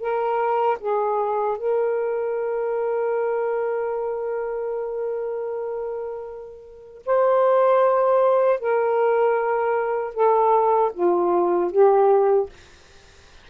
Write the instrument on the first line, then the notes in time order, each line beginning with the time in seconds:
saxophone
0.00 A#4
0.80 G#4
1.58 A#4
7.06 C5
8.60 A#4
10.14 A4
10.93 F4
11.71 G4